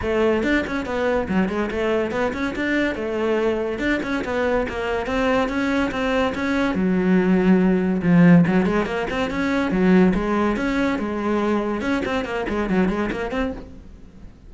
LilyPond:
\new Staff \with { instrumentName = "cello" } { \time 4/4 \tempo 4 = 142 a4 d'8 cis'8 b4 fis8 gis8 | a4 b8 cis'8 d'4 a4~ | a4 d'8 cis'8 b4 ais4 | c'4 cis'4 c'4 cis'4 |
fis2. f4 | fis8 gis8 ais8 c'8 cis'4 fis4 | gis4 cis'4 gis2 | cis'8 c'8 ais8 gis8 fis8 gis8 ais8 c'8 | }